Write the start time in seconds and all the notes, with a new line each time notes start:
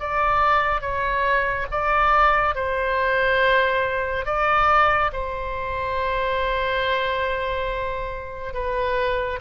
0.00 D5
0.81 C#5
1.71 D5
2.55 C5
4.25 D5
5.13 C5
8.54 B4